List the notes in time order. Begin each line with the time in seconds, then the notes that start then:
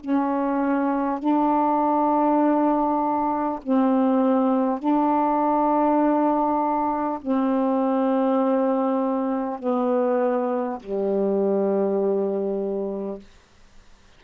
0.00 C#4
1.19 D4
3.63 C4
4.79 D4
7.21 C4
9.59 B3
10.80 G3